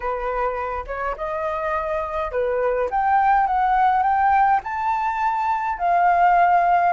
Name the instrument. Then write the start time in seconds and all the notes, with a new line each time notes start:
flute
0.00 B4
0.87 C#5
1.16 D#5
2.31 B4
2.90 G5
3.46 F#5
4.02 G5
4.63 A5
5.78 F5